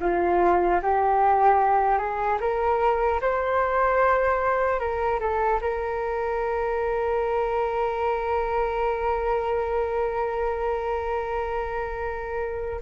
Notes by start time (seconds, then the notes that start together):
0.00 F4
0.82 G4
1.98 G#4
2.40 A#4
3.21 C5
4.79 A#4
5.20 A4
5.61 A#4